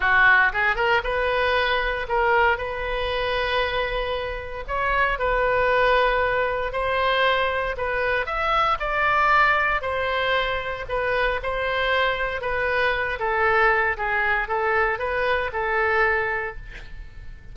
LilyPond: \new Staff \with { instrumentName = "oboe" } { \time 4/4 \tempo 4 = 116 fis'4 gis'8 ais'8 b'2 | ais'4 b'2.~ | b'4 cis''4 b'2~ | b'4 c''2 b'4 |
e''4 d''2 c''4~ | c''4 b'4 c''2 | b'4. a'4. gis'4 | a'4 b'4 a'2 | }